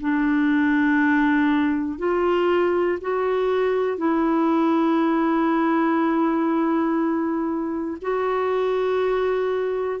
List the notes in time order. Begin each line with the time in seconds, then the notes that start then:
0.00 D4
1.98 F4
3.01 F#4
3.97 E4
8.01 F#4